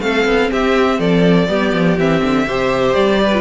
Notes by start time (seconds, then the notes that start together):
0.00 A3 C4 A4 F5
0.25 B3
0.50 C4 G4 E5
0.98 F3 A4 D5
1.48 G3 B3 G4
1.73 F3
1.97 E3 C4 E5
2.23 D3
2.47 C3 G4 C5
2.93 G3 D5
3.22 B4
3.33 F4